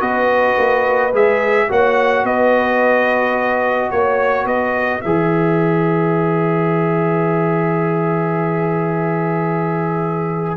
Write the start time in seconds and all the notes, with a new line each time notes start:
0.00 B3 F#4 B4 D#5
0.58 A#3
1.13 G#3 G#4 E5
1.69 A#3 F#4 C#5 F#5
2.23 B3 B4 D#5
3.91 A#3 C#5
4.45 B3 B4 D#5
5.01 E3 G#4 E5